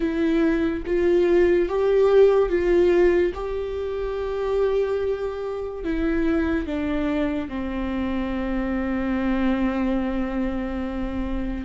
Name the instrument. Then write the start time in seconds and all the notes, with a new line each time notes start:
viola
0.00 E4
0.86 F4
1.69 G4
2.48 F4
3.34 G4
5.83 E4
6.66 D4
7.48 C4